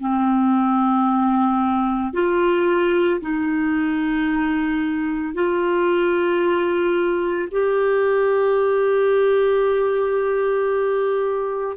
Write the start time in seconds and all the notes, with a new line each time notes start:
0.00 C4
2.14 F4
3.21 D#4
5.34 F4
7.51 G4